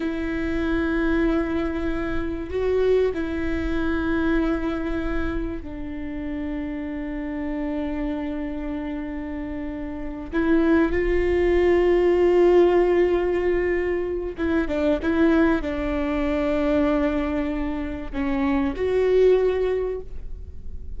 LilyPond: \new Staff \with { instrumentName = "viola" } { \time 4/4 \tempo 4 = 96 e'1 | fis'4 e'2.~ | e'4 d'2.~ | d'1~ |
d'8 e'4 f'2~ f'8~ | f'2. e'8 d'8 | e'4 d'2.~ | d'4 cis'4 fis'2 | }